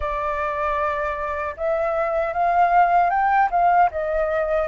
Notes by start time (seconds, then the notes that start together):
0.00 D5
1.56 E5
2.33 F5
3.10 G5
3.50 F5
3.91 D#5